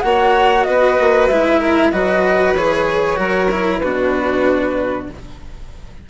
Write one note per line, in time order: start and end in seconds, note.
0.00 0.67 A#3
0.00 1.30 F#4
0.00 0.66 C#5
0.00 0.63 F#5
0.63 0.98 B3
0.63 1.59 B4
0.63 1.26 D#5
1.00 1.29 A#3
1.27 1.92 G#3
1.27 1.92 E4
1.27 1.90 E5
1.59 1.91 A#4
1.90 2.55 F#3
1.90 2.55 F#4
1.90 3.19 B4
1.90 2.53 D#5
2.55 3.18 E3
2.55 3.16 G#4
2.55 3.79 C#5
3.16 3.81 F#3
3.16 3.48 F#4
3.16 3.82 A#4
3.51 3.82 E4
3.79 5.09 B2
3.79 5.09 D4
3.79 5.09 F#4
3.79 5.06 B4